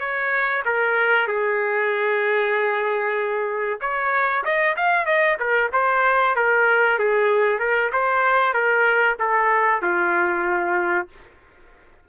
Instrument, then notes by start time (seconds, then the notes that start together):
trumpet
0.00 C#5
0.65 A#4
1.27 G#4
3.81 C#5
4.45 D#5
4.77 F5
5.06 D#5
5.40 A#4
5.72 C5
6.36 A#4
6.99 G#4
7.59 A#4
7.93 C5
8.54 A#4
9.19 A4
9.82 F4